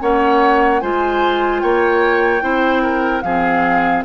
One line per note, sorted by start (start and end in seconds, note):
0.00 0.82 A#3
0.00 0.81 C#4
0.00 0.81 C#5
0.00 0.80 F#5
0.80 1.62 G#3
0.80 2.40 F4
0.80 1.62 C5
0.80 1.60 G#5
1.60 2.42 A#3
1.60 2.43 C#5
1.60 3.21 G5
2.40 3.23 C4
2.40 3.21 E4
2.40 2.82 C5
2.82 3.23 A#4
3.21 4.04 F3
3.21 4.04 C4
3.21 4.04 G#4
3.21 4.02 F5